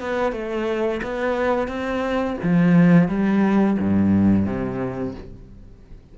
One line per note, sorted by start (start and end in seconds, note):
0.00 0.32 B3
0.32 1.01 A3
1.03 1.68 B3
1.68 2.37 C4
2.43 3.08 F3
3.08 3.77 G3
3.79 4.45 G2
4.45 5.14 C3